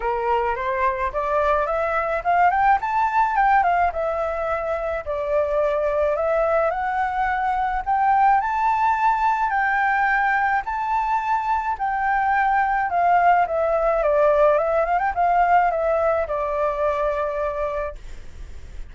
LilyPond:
\new Staff \with { instrumentName = "flute" } { \time 4/4 \tempo 4 = 107 ais'4 c''4 d''4 e''4 | f''8 g''8 a''4 g''8 f''8 e''4~ | e''4 d''2 e''4 | fis''2 g''4 a''4~ |
a''4 g''2 a''4~ | a''4 g''2 f''4 | e''4 d''4 e''8 f''16 g''16 f''4 | e''4 d''2. | }